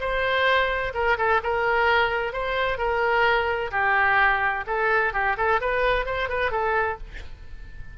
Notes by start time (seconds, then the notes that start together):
0.00 C5
0.94 A#4
1.18 A4
1.43 A#4
2.33 C5
2.78 A#4
3.71 G4
4.67 A4
5.13 G4
5.37 A4
5.61 B4
6.06 C5
6.29 B4
6.51 A4